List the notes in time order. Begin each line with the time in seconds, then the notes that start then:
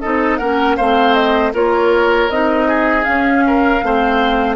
0.00 C4 D#4 A4 D#5
0.37 A#3 C#4 A#4 F#5
0.76 A3 C4 C5 F5
1.14 D#5
1.53 A#3 F4 A#4 C#5
2.29 C4 D#4 D#5
2.68 G#4
3.03 C#4 F5
3.47 A#4
3.82 A3 C4 C5